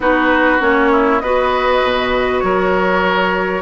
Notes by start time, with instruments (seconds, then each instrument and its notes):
0.00 bassoon B3, clarinet D#4, oboe F#4, flute B4
0.59 bassoon A#3, clarinet C#4, flute C#5
0.91 oboe E4
1.20 bassoon B3, clarinet F#4, oboe B4, flute D#5
1.82 bassoon B2
2.40 bassoon F#3, oboe A#4, flute C#5